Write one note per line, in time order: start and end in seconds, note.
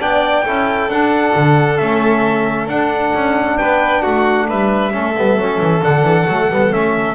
0.00 0.46 B3
0.00 0.45 D4
0.00 0.45 D5
0.00 0.90 G5
0.45 0.89 C#4
0.45 0.90 E4
0.45 3.58 A4
0.89 1.34 D4
0.89 1.80 D4
0.89 1.78 F#5
1.36 1.80 D3
1.78 2.68 A3
1.78 2.69 C#4
1.78 2.67 E5
2.68 3.12 D4
2.68 4.92 D4
2.68 3.58 F#5
3.14 3.59 C#4
3.58 4.06 B3
3.58 4.02 B4
3.58 4.03 G5
4.02 4.51 A3
4.02 4.47 F#4
4.02 4.48 F#5
4.48 4.95 G3
4.48 4.93 B4
4.48 5.83 E5
4.92 5.18 A3
4.92 5.14 C#4
4.92 7.15 A4
5.18 5.37 G3
5.18 5.40 B3
5.37 5.60 F#3
5.37 5.83 C#4
5.61 5.83 E3
5.83 6.03 D3
5.83 6.28 D4
5.83 6.73 F#5
6.03 6.26 E3
6.27 6.49 F#3
6.27 6.51 A3
6.50 6.72 G3
6.50 6.71 B3
6.71 7.15 A3
6.71 7.15 C#4
6.71 7.15 E5